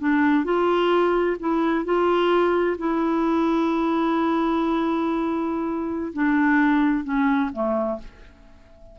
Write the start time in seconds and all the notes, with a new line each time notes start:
0.00 D4
0.45 F4
1.40 E4
1.85 F4
2.79 E4
6.14 D4
7.04 C#4
7.53 A3